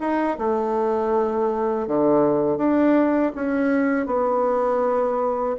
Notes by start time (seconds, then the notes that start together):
0.00 D#4
0.39 A3
1.88 D3
2.57 D4
3.35 C#4
4.06 B3